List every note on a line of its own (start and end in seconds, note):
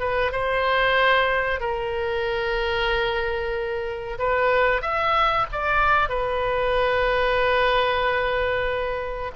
0.00 0.32 B4
0.32 1.60 C5
1.60 4.18 A#4
4.19 4.82 B4
4.82 5.47 E5
5.52 6.09 D5
6.09 9.32 B4